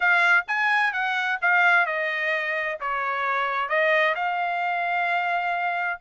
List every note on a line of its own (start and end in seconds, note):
0.00 0.45 F5
0.47 0.92 G#5
0.92 1.38 F#5
1.41 1.86 F5
1.86 2.78 D#5
2.80 3.68 C#5
3.68 4.14 D#5
4.15 6.00 F5